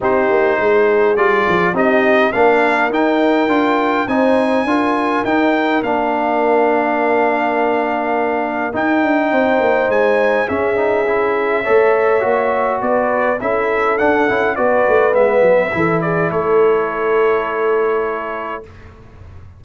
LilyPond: <<
  \new Staff \with { instrumentName = "trumpet" } { \time 4/4 \tempo 4 = 103 c''2 d''4 dis''4 | f''4 g''2 gis''4~ | gis''4 g''4 f''2~ | f''2. g''4~ |
g''4 gis''4 e''2~ | e''2 d''4 e''4 | fis''4 d''4 e''4. d''8 | cis''1 | }
  \new Staff \with { instrumentName = "horn" } { \time 4/4 g'4 gis'2 g'4 | ais'2. c''4 | ais'1~ | ais'1 |
c''2 gis'2 | cis''2 b'4 a'4~ | a'4 b'2 a'8 gis'8 | a'1 | }
  \new Staff \with { instrumentName = "trombone" } { \time 4/4 dis'2 f'4 dis'4 | d'4 dis'4 f'4 dis'4 | f'4 dis'4 d'2~ | d'2. dis'4~ |
dis'2 cis'8 dis'8 e'4 | a'4 fis'2 e'4 | d'8 e'8 fis'4 b4 e'4~ | e'1 | }
  \new Staff \with { instrumentName = "tuba" } { \time 4/4 c'8 ais8 gis4 g8 f8 c'4 | ais4 dis'4 d'4 c'4 | d'4 dis'4 ais2~ | ais2. dis'8 d'8 |
c'8 ais8 gis4 cis'2 | a4 ais4 b4 cis'4 | d'8 cis'8 b8 a8 gis8 fis8 e4 | a1 | }
>>